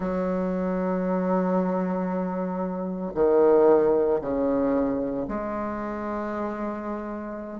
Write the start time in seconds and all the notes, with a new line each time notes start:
0.00 F#3
3.14 D#3
4.21 C#3
5.27 G#3